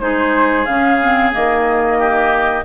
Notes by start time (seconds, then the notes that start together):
0.00 G#3 D#4 G#4 C5
0.65 C#3 C#4 F5
1.02 C4
1.32 D#3 A#3 D#5
1.98 G4